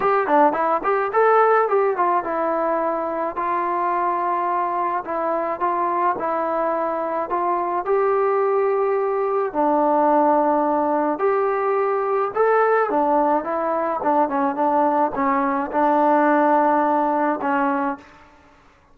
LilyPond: \new Staff \with { instrumentName = "trombone" } { \time 4/4 \tempo 4 = 107 g'8 d'8 e'8 g'8 a'4 g'8 f'8 | e'2 f'2~ | f'4 e'4 f'4 e'4~ | e'4 f'4 g'2~ |
g'4 d'2. | g'2 a'4 d'4 | e'4 d'8 cis'8 d'4 cis'4 | d'2. cis'4 | }